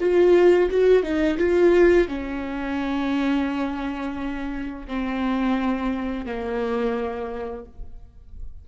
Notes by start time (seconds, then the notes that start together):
0.00 F4
0.70 F#4
1.03 D#4
1.38 F4
2.08 C#4
4.88 C4
6.26 A#3